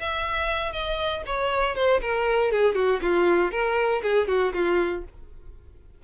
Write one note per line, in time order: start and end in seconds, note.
0.00 0.73 E5
0.73 1.23 D#5
1.27 1.76 C#5
1.76 2.01 C5
2.02 2.52 A#4
2.52 2.75 G#4
2.75 3.00 F#4
3.02 3.52 F4
3.52 4.02 A#4
4.03 4.28 G#4
4.28 4.54 F#4
4.54 5.04 F4